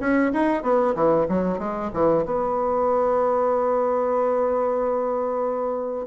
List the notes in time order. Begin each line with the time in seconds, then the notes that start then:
0.00 C#4
0.33 D#4
0.63 B3
0.95 E3
1.29 F#3
1.59 G#3
1.94 E3
2.26 B3